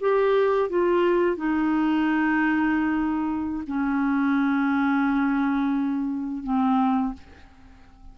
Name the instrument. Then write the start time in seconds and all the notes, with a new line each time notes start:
clarinet
0.00 G4
0.69 F4
1.36 D#4
3.67 C#4
6.43 C4